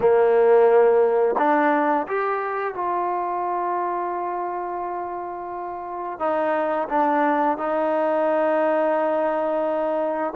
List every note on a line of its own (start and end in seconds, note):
0.00 1.35 A#3
1.38 2.07 D4
2.07 2.74 G4
2.74 6.19 F4
6.19 6.88 D#4
6.88 7.57 D4
7.57 10.33 D#4